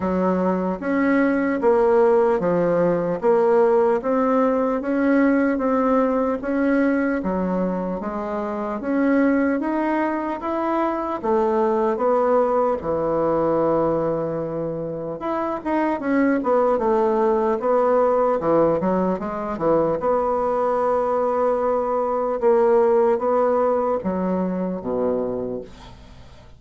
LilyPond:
\new Staff \with { instrumentName = "bassoon" } { \time 4/4 \tempo 4 = 75 fis4 cis'4 ais4 f4 | ais4 c'4 cis'4 c'4 | cis'4 fis4 gis4 cis'4 | dis'4 e'4 a4 b4 |
e2. e'8 dis'8 | cis'8 b8 a4 b4 e8 fis8 | gis8 e8 b2. | ais4 b4 fis4 b,4 | }